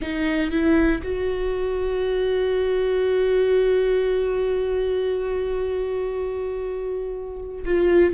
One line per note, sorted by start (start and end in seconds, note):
0.01 0.50 D#4
0.50 1.01 E4
1.03 7.64 F#4
7.65 8.13 F4